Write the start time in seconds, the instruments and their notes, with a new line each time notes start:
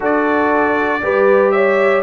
0.00 tuba D4, trombone F#4, horn A4, trumpet D5
1.02 tuba G3, trombone G4, horn B4
1.51 horn C#5, trumpet E5